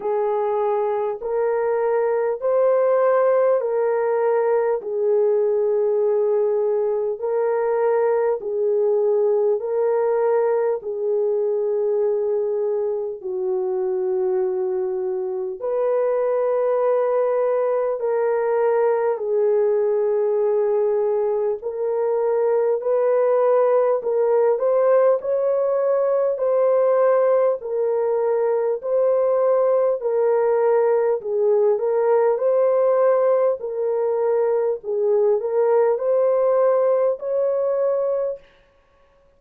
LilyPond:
\new Staff \with { instrumentName = "horn" } { \time 4/4 \tempo 4 = 50 gis'4 ais'4 c''4 ais'4 | gis'2 ais'4 gis'4 | ais'4 gis'2 fis'4~ | fis'4 b'2 ais'4 |
gis'2 ais'4 b'4 | ais'8 c''8 cis''4 c''4 ais'4 | c''4 ais'4 gis'8 ais'8 c''4 | ais'4 gis'8 ais'8 c''4 cis''4 | }